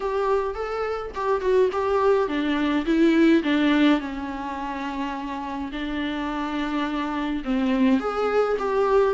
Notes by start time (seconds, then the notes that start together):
0.00 G4
0.54 A4
1.14 G4
1.41 F#4
1.71 G4
2.28 D4
2.85 E4
3.43 D4
3.99 C#4
5.71 D4
7.44 C4
7.99 G#4
8.58 G4